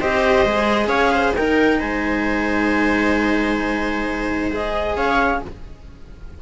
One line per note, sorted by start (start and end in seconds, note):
0.00 0.45 C4
0.00 0.45 G4
0.00 0.89 C5
0.00 0.88 D#5
0.45 0.87 G#3
0.45 1.36 G#4
0.87 1.32 C#4
0.87 1.12 C#5
0.87 1.33 F5
1.12 1.35 C5
1.35 4.52 D#4
1.35 1.81 D#4
1.35 1.80 A#4
1.35 1.80 G5
1.80 4.96 G#3
1.80 4.95 C5
1.80 4.51 G#5
4.52 5.42 G#4
4.52 4.97 D#5
4.96 5.41 C#4
4.96 5.42 C#5
4.96 5.42 F5